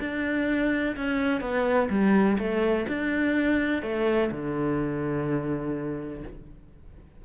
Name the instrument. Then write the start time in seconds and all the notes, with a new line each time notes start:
cello
0.00 D4
0.97 C#4
1.41 B3
1.90 G3
2.39 A3
2.88 D4
3.83 A3
4.31 D3